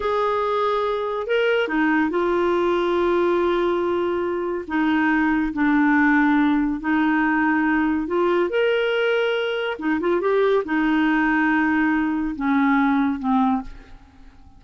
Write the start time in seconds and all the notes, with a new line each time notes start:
0.00 G#4
1.27 A#4
1.68 D#4
2.10 F4
4.67 D#4
5.53 D4
6.80 D#4
8.07 F4
8.49 A#4
9.78 D#4
10.00 F4
10.21 G4
10.65 D#4
12.35 C#4
13.19 C4